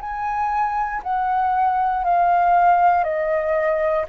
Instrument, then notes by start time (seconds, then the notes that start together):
flute
0.00 G#5
1.03 F#5
2.04 F5
3.04 D#5